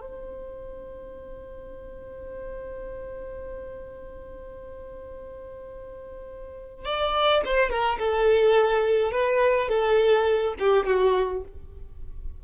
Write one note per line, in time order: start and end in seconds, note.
0.00 6.85 C5
6.85 7.42 D5
7.45 7.70 C5
7.70 7.98 A#4
7.98 9.11 A4
9.11 9.68 B4
9.68 10.54 A4
10.59 10.86 G4
10.86 11.43 F#4